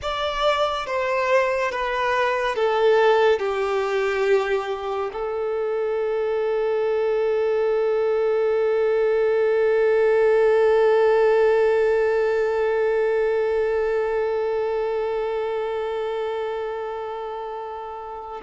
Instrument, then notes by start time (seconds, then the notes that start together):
violin
0.02 D5
0.86 C5
1.71 B4
2.55 A4
3.39 G4
5.12 A4